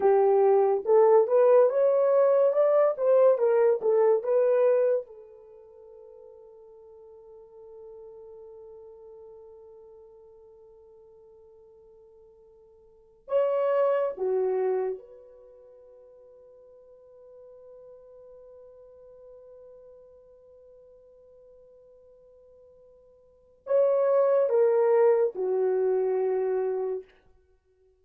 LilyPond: \new Staff \with { instrumentName = "horn" } { \time 4/4 \tempo 4 = 71 g'4 a'8 b'8 cis''4 d''8 c''8 | ais'8 a'8 b'4 a'2~ | a'1~ | a'2.~ a'8. cis''16~ |
cis''8. fis'4 b'2~ b'16~ | b'1~ | b'1 | cis''4 ais'4 fis'2 | }